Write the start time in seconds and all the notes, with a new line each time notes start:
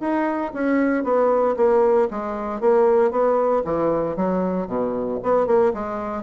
0.00 D#4
0.54 C#4
1.04 B3
1.56 A#3
2.10 G#3
2.61 A#3
3.11 B3
3.65 E3
4.16 F#3
4.67 B2
5.23 B3
5.46 A#3
5.73 G#3